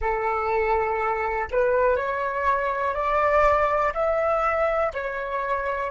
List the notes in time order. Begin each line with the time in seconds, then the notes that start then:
0.01 A4
1.51 B4
1.96 C#5
2.94 D5
3.93 E5
4.93 C#5